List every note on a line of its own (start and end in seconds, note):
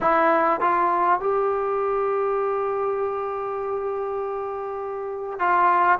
0.00 0.60 E4
0.60 1.20 F4
1.20 5.39 G4
5.39 5.99 F4